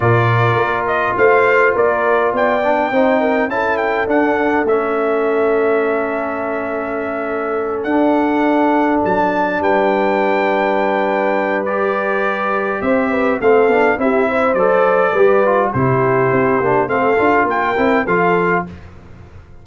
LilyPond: <<
  \new Staff \with { instrumentName = "trumpet" } { \time 4/4 \tempo 4 = 103 d''4. dis''8 f''4 d''4 | g''2 a''8 g''8 fis''4 | e''1~ | e''4. fis''2 a''8~ |
a''8 g''2.~ g''8 | d''2 e''4 f''4 | e''4 d''2 c''4~ | c''4 f''4 g''4 f''4 | }
  \new Staff \with { instrumentName = "horn" } { \time 4/4 ais'2 c''4 ais'4 | d''4 c''8 ais'8 a'2~ | a'1~ | a'1~ |
a'8 b'2.~ b'8~ | b'2 c''8 b'8 a'4 | g'8 c''4. b'4 g'4~ | g'4 a'4 ais'4 a'4 | }
  \new Staff \with { instrumentName = "trombone" } { \time 4/4 f'1~ | f'8 d'8 dis'4 e'4 d'4 | cis'1~ | cis'4. d'2~ d'8~ |
d'1 | g'2. c'8 d'8 | e'4 a'4 g'8 f'8 e'4~ | e'8 d'8 c'8 f'4 e'8 f'4 | }
  \new Staff \with { instrumentName = "tuba" } { \time 4/4 ais,4 ais4 a4 ais4 | b4 c'4 cis'4 d'4 | a1~ | a4. d'2 fis8~ |
fis8 g2.~ g8~ | g2 c'4 a8 b8 | c'4 fis4 g4 c4 | c'8 ais8 a8 d'8 ais8 c'8 f4 | }
>>